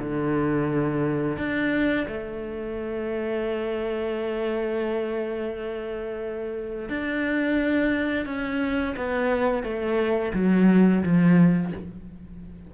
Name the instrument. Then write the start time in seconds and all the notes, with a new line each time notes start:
cello
0.00 D3
1.38 D4
2.08 A3
6.90 D4
8.26 C#4
8.97 B3
9.64 A3
10.34 F#3
11.04 F3